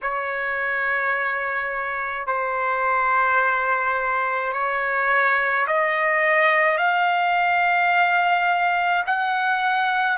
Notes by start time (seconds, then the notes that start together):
0.02 C#5
2.26 C5
4.53 C#5
5.67 D#5
6.77 F5
9.06 F#5